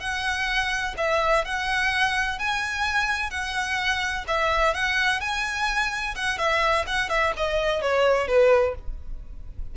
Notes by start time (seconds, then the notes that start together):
0.00 F#5
0.97 E5
1.45 F#5
2.39 G#5
3.30 F#5
4.28 E5
4.74 F#5
5.21 G#5
6.15 F#5
6.38 E5
6.87 F#5
7.09 E5
7.37 D#5
7.81 C#5
8.28 B4